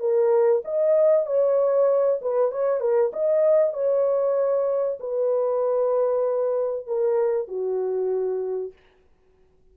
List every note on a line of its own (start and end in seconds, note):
0.00 0.62 A#4
0.65 1.27 D#5
1.27 2.20 C#5
2.22 2.52 B4
2.52 2.81 C#5
2.81 3.12 A#4
3.13 3.74 D#5
3.74 4.99 C#5
5.00 6.87 B4
6.87 7.48 A#4
7.48 8.73 F#4